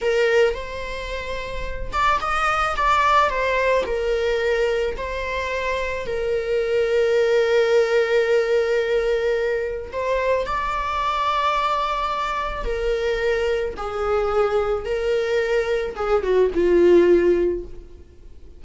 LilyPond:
\new Staff \with { instrumentName = "viola" } { \time 4/4 \tempo 4 = 109 ais'4 c''2~ c''8 d''8 | dis''4 d''4 c''4 ais'4~ | ais'4 c''2 ais'4~ | ais'1~ |
ais'2 c''4 d''4~ | d''2. ais'4~ | ais'4 gis'2 ais'4~ | ais'4 gis'8 fis'8 f'2 | }